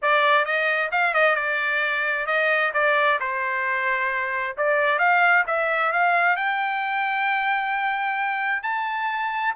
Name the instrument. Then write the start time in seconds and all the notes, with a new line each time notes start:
trumpet
0.02 D5
0.45 D#5
0.91 F5
1.14 D#5
1.35 D5
2.26 D#5
2.73 D5
3.20 C5
4.57 D5
4.98 F5
5.46 E5
5.92 F5
6.36 G5
8.63 A5